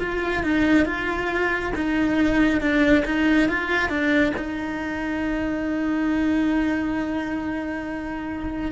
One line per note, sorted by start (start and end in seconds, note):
0.00 0.43 F4
0.43 0.86 D#4
0.86 1.73 F4
1.76 2.61 D#4
2.61 3.04 D4
3.06 3.49 D#4
3.49 3.90 F4
3.90 4.33 D4
4.38 8.72 D#4